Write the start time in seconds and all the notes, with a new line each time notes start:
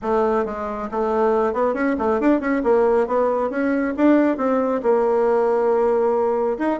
0.02 A3
0.45 G#3
0.91 A3
1.53 B3
1.74 C#4
1.98 A3
2.20 D4
2.40 C#4
2.63 A#3
3.07 B3
3.50 C#4
3.96 D4
4.37 C4
4.82 A#3
6.58 D#4